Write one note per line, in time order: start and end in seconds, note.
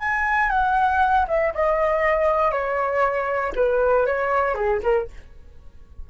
0.00 0.50 G#5
0.50 1.26 F#5
1.28 1.54 E5
1.55 2.52 D#5
2.52 3.54 C#5
3.56 4.07 B4
4.07 4.55 C#5
4.55 4.80 G#4
4.83 5.09 A#4